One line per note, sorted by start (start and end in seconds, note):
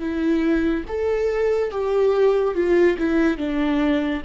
0.00 0.85 E4
0.88 1.71 A4
1.71 2.55 G4
2.55 2.97 F4
2.98 3.38 E4
3.38 4.22 D4